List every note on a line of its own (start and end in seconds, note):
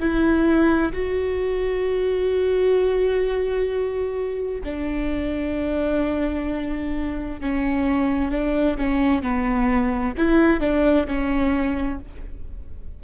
0.00 0.92 E4
0.93 4.62 F#4
4.64 7.41 D4
7.41 8.31 C#4
8.31 8.77 D4
8.78 9.22 C#4
9.22 10.15 B3
10.18 10.61 E4
10.61 11.07 D4
11.07 12.00 C#4